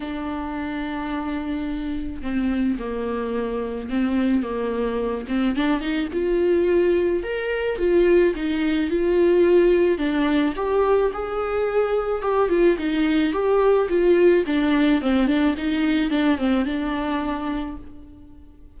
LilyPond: \new Staff \with { instrumentName = "viola" } { \time 4/4 \tempo 4 = 108 d'1 | c'4 ais2 c'4 | ais4. c'8 d'8 dis'8 f'4~ | f'4 ais'4 f'4 dis'4 |
f'2 d'4 g'4 | gis'2 g'8 f'8 dis'4 | g'4 f'4 d'4 c'8 d'8 | dis'4 d'8 c'8 d'2 | }